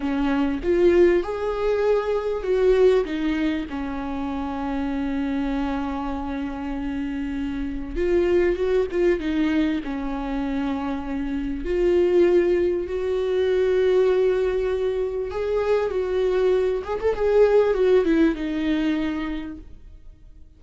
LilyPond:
\new Staff \with { instrumentName = "viola" } { \time 4/4 \tempo 4 = 98 cis'4 f'4 gis'2 | fis'4 dis'4 cis'2~ | cis'1~ | cis'4 f'4 fis'8 f'8 dis'4 |
cis'2. f'4~ | f'4 fis'2.~ | fis'4 gis'4 fis'4. gis'16 a'16 | gis'4 fis'8 e'8 dis'2 | }